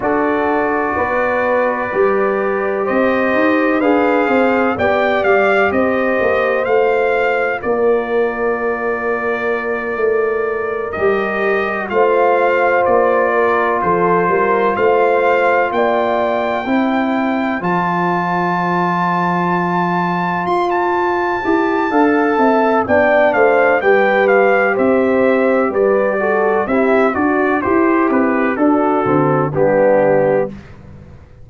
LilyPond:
<<
  \new Staff \with { instrumentName = "trumpet" } { \time 4/4 \tempo 4 = 63 d''2. dis''4 | f''4 g''8 f''8 dis''4 f''4 | d''2.~ d''8 dis''8~ | dis''8 f''4 d''4 c''4 f''8~ |
f''8 g''2 a''4.~ | a''4. c'''16 a''2~ a''16 | g''8 f''8 g''8 f''8 e''4 d''4 | e''8 d''8 c''8 b'8 a'4 g'4 | }
  \new Staff \with { instrumentName = "horn" } { \time 4/4 a'4 b'2 c''4 | b'8 c''8 d''4 c''2 | ais'1~ | ais'8 c''4. ais'8 a'8 ais'8 c''8~ |
c''8 d''4 c''2~ c''8~ | c''2. f''8 e''8 | d''8 c''8 b'4 c''4 b'8 a'8 | g'8 fis'8 e'4 fis'4 d'4 | }
  \new Staff \with { instrumentName = "trombone" } { \time 4/4 fis'2 g'2 | gis'4 g'2 f'4~ | f'2.~ f'8 g'8~ | g'8 f'2.~ f'8~ |
f'4. e'4 f'4.~ | f'2~ f'8 g'8 a'4 | d'4 g'2~ g'8 fis'8 | e'8 fis'8 g'4 d'8 c'8 b4 | }
  \new Staff \with { instrumentName = "tuba" } { \time 4/4 d'4 b4 g4 c'8 dis'8 | d'8 c'8 b8 g8 c'8 ais8 a4 | ais2~ ais8 a4 g8~ | g8 a4 ais4 f8 g8 a8~ |
a8 ais4 c'4 f4.~ | f4. f'4 e'8 d'8 c'8 | b8 a8 g4 c'4 g4 | c'8 d'8 e'8 c'8 d'8 d8 g4 | }
>>